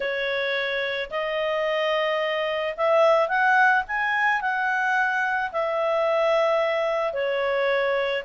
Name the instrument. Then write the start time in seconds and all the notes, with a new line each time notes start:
clarinet
0.00 C#5
1.10 D#5
2.76 E5
3.28 F#5
3.87 G#5
4.41 F#5
5.51 E5
7.13 C#5